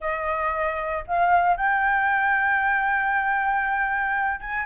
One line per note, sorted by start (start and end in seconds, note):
0.00 1.04 D#5
1.07 1.57 F5
1.57 4.40 G5
4.40 4.66 G#5